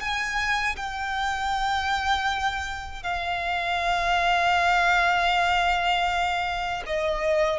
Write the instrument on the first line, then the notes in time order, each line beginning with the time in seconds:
violin
0.00 G#5
0.77 G5
3.03 F5
6.87 D#5